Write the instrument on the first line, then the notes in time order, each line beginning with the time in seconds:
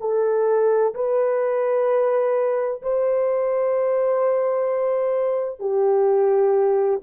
horn
0.00 A4
0.94 B4
2.82 C5
5.59 G4